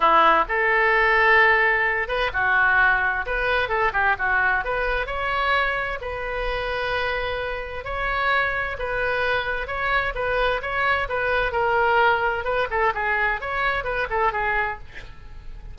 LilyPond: \new Staff \with { instrumentName = "oboe" } { \time 4/4 \tempo 4 = 130 e'4 a'2.~ | a'8 b'8 fis'2 b'4 | a'8 g'8 fis'4 b'4 cis''4~ | cis''4 b'2.~ |
b'4 cis''2 b'4~ | b'4 cis''4 b'4 cis''4 | b'4 ais'2 b'8 a'8 | gis'4 cis''4 b'8 a'8 gis'4 | }